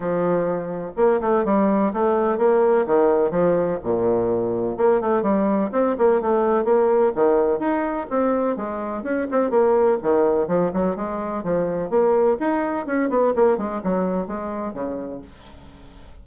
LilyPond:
\new Staff \with { instrumentName = "bassoon" } { \time 4/4 \tempo 4 = 126 f2 ais8 a8 g4 | a4 ais4 dis4 f4 | ais,2 ais8 a8 g4 | c'8 ais8 a4 ais4 dis4 |
dis'4 c'4 gis4 cis'8 c'8 | ais4 dis4 f8 fis8 gis4 | f4 ais4 dis'4 cis'8 b8 | ais8 gis8 fis4 gis4 cis4 | }